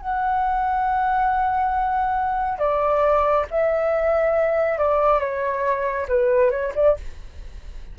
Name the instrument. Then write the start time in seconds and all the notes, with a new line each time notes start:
flute
0.00 F#5
2.58 D5
3.50 E5
4.78 D5
5.19 C#5
6.08 B4
6.50 C#5
6.75 D5